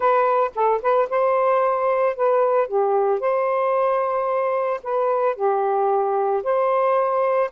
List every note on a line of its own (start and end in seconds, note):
0.00 0.51 B4
0.54 0.81 A4
0.82 1.08 B4
1.09 2.16 C5
2.16 2.67 B4
2.67 3.19 G4
3.19 4.80 C5
4.83 5.35 B4
5.35 6.42 G4
6.43 7.50 C5